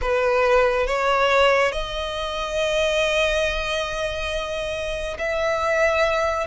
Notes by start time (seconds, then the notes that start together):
0.01 B4
0.86 C#5
1.71 D#5
5.18 E5